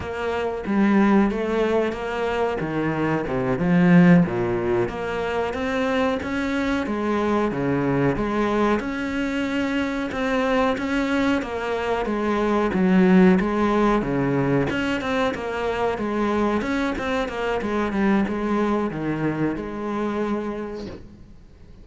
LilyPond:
\new Staff \with { instrumentName = "cello" } { \time 4/4 \tempo 4 = 92 ais4 g4 a4 ais4 | dis4 c8 f4 ais,4 ais8~ | ais8 c'4 cis'4 gis4 cis8~ | cis8 gis4 cis'2 c'8~ |
c'8 cis'4 ais4 gis4 fis8~ | fis8 gis4 cis4 cis'8 c'8 ais8~ | ais8 gis4 cis'8 c'8 ais8 gis8 g8 | gis4 dis4 gis2 | }